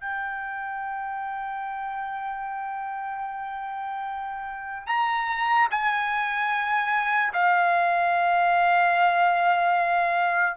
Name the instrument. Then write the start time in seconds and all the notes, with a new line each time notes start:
trumpet
0.00 G5
4.86 A#5
5.70 G#5
7.33 F5